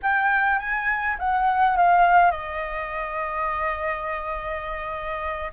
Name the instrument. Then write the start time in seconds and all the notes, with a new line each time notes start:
flute
0.02 G5
0.58 G#5
1.18 F#5
1.76 F5
2.31 D#5